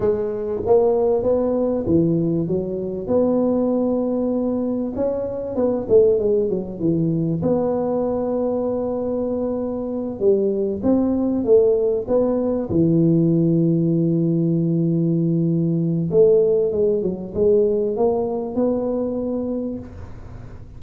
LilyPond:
\new Staff \with { instrumentName = "tuba" } { \time 4/4 \tempo 4 = 97 gis4 ais4 b4 e4 | fis4 b2. | cis'4 b8 a8 gis8 fis8 e4 | b1~ |
b8 g4 c'4 a4 b8~ | b8 e2.~ e8~ | e2 a4 gis8 fis8 | gis4 ais4 b2 | }